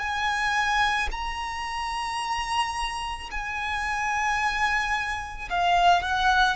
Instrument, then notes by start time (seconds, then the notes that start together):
violin
0.00 G#5
1.12 A#5
3.31 G#5
5.50 F5
6.03 F#5